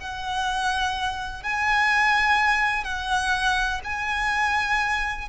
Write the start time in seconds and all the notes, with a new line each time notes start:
0.00 F#5
1.43 G#5
2.84 F#5
3.84 G#5